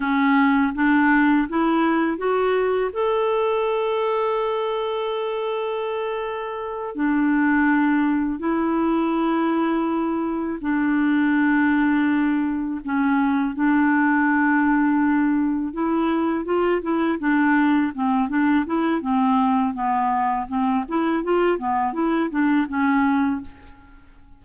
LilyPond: \new Staff \with { instrumentName = "clarinet" } { \time 4/4 \tempo 4 = 82 cis'4 d'4 e'4 fis'4 | a'1~ | a'4. d'2 e'8~ | e'2~ e'8 d'4.~ |
d'4. cis'4 d'4.~ | d'4. e'4 f'8 e'8 d'8~ | d'8 c'8 d'8 e'8 c'4 b4 | c'8 e'8 f'8 b8 e'8 d'8 cis'4 | }